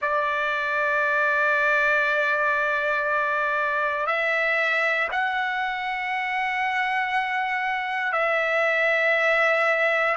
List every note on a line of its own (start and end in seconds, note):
0.01 4.06 D5
4.06 5.08 E5
5.11 8.12 F#5
8.12 10.15 E5